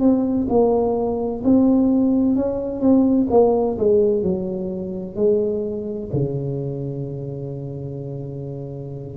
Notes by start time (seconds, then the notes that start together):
0.00 C4
0.49 A#3
1.44 C4
2.36 C#4
2.80 C4
3.30 A#3
3.78 G#3
4.23 F#3
5.16 G#3
6.13 C#3